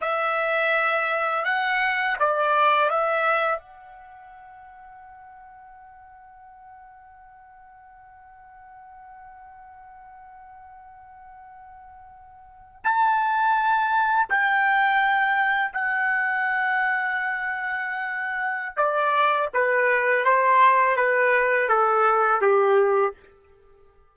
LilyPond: \new Staff \with { instrumentName = "trumpet" } { \time 4/4 \tempo 4 = 83 e''2 fis''4 d''4 | e''4 fis''2.~ | fis''1~ | fis''1~ |
fis''4.~ fis''16 a''2 g''16~ | g''4.~ g''16 fis''2~ fis''16~ | fis''2 d''4 b'4 | c''4 b'4 a'4 g'4 | }